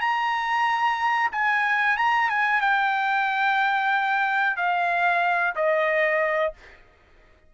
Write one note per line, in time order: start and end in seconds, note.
0.00 1.30 A#5
1.32 1.97 G#5
1.97 2.29 A#5
2.29 2.61 G#5
2.61 4.57 G5
4.57 5.54 F5
5.55 6.53 D#5